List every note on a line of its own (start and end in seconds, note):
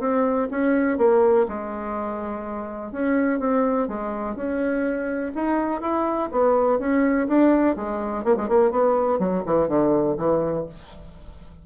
0.00 0.48 C4
0.51 0.98 C#4
0.98 1.46 A#3
1.48 2.92 G#3
2.92 3.39 C#4
3.39 3.88 C4
3.88 4.35 G#3
4.35 5.32 C#4
5.35 5.81 D#4
5.81 6.29 E4
6.31 6.79 B3
6.79 7.27 C#4
7.28 7.76 D4
7.76 8.24 G#3
8.24 8.36 A#3
8.37 8.49 G#3
8.49 8.71 A#3
8.71 9.19 B3
9.19 9.43 F#3
9.46 9.68 E3
9.68 10.16 D3
10.18 10.66 E3